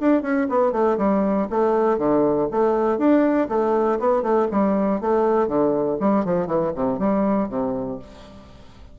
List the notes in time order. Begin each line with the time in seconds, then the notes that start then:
0.00 D4
0.22 C#4
0.50 B3
0.72 A3
0.98 G3
1.50 A3
1.98 D3
2.51 A3
2.98 D4
3.49 A3
4.00 B3
4.22 A3
4.51 G3
5.01 A3
5.48 D3
6.00 G3
6.25 F3
6.47 E3
6.75 C3
6.99 G3
7.49 C3